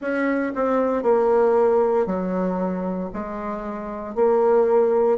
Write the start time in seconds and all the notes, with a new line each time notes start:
0.01 C#4
0.55 C4
1.03 A#3
2.06 F#3
3.13 G#3
4.15 A#3